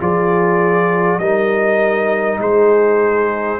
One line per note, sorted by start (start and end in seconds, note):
0.00 1.18 F3
0.00 1.20 F4
0.00 1.20 G#4
0.00 1.19 D5
1.18 2.38 G3
1.18 3.59 D#4
1.18 2.40 A#4
1.18 2.39 D#5
2.39 3.59 G#3
2.39 3.59 G#4
2.39 3.59 C5